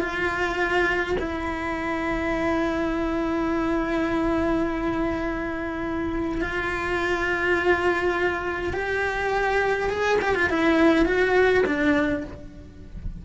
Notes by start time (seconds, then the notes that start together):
0.00 F4
1.19 E4
6.41 F4
8.73 G4
9.89 G#4
10.21 G4
10.35 F4
10.49 E4
11.05 F#4
11.66 D4